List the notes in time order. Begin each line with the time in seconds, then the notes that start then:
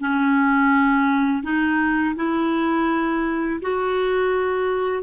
0.00 C#4
1.43 D#4
2.16 E4
3.62 F#4